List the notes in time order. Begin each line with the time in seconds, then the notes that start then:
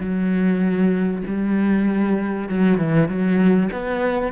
0.00 F#3
1.26 G3
2.49 F#3
2.77 E3
3.08 F#3
3.72 B3